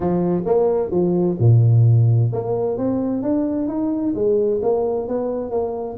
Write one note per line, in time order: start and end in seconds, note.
0.00 0.43 F3
0.45 0.90 A#3
0.90 1.37 F3
1.39 2.31 A#2
2.32 2.77 A#3
2.77 3.22 C4
3.22 3.68 D4
3.68 4.14 D#4
4.14 4.60 G#3
4.62 5.08 A#3
5.08 5.50 B3
5.50 5.97 A#3